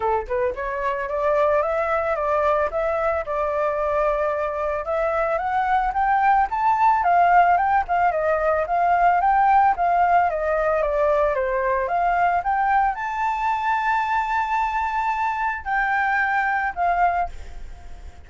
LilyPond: \new Staff \with { instrumentName = "flute" } { \time 4/4 \tempo 4 = 111 a'8 b'8 cis''4 d''4 e''4 | d''4 e''4 d''2~ | d''4 e''4 fis''4 g''4 | a''4 f''4 g''8 f''8 dis''4 |
f''4 g''4 f''4 dis''4 | d''4 c''4 f''4 g''4 | a''1~ | a''4 g''2 f''4 | }